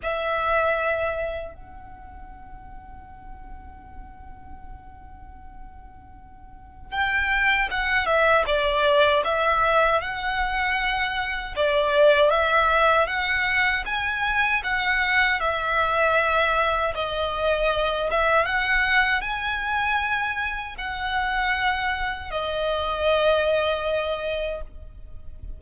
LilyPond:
\new Staff \with { instrumentName = "violin" } { \time 4/4 \tempo 4 = 78 e''2 fis''2~ | fis''1~ | fis''4 g''4 fis''8 e''8 d''4 | e''4 fis''2 d''4 |
e''4 fis''4 gis''4 fis''4 | e''2 dis''4. e''8 | fis''4 gis''2 fis''4~ | fis''4 dis''2. | }